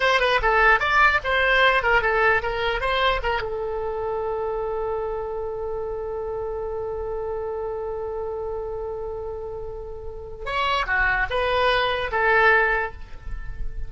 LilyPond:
\new Staff \with { instrumentName = "oboe" } { \time 4/4 \tempo 4 = 149 c''8 b'8 a'4 d''4 c''4~ | c''8 ais'8 a'4 ais'4 c''4 | ais'8 a'2.~ a'8~ | a'1~ |
a'1~ | a'1~ | a'2 cis''4 fis'4 | b'2 a'2 | }